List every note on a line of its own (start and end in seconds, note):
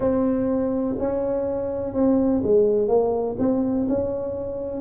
0.00 0.96 C4
0.99 1.94 C#4
1.94 2.42 C4
2.43 2.88 G#3
2.88 3.36 A#3
3.39 3.87 C4
3.88 4.81 C#4